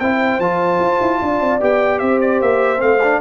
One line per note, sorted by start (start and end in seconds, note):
0.00 0.40 C4
0.00 0.42 E4
0.00 1.20 C5
0.00 0.40 G5
0.40 0.80 F3
0.40 1.60 F4
0.40 1.60 A5
0.80 1.00 F4
1.01 1.21 E4
1.22 1.41 D4
1.22 2.01 D5
1.41 1.61 C4
1.60 2.02 B3
1.60 2.78 G4
1.60 1.99 G5
1.99 2.41 C4
1.99 3.21 C5
1.99 2.19 E5
2.21 2.41 D5
2.41 2.81 A#3
2.41 2.81 E5
2.78 3.21 A3
2.78 2.98 C4
2.78 3.21 F5
3.04 3.21 D4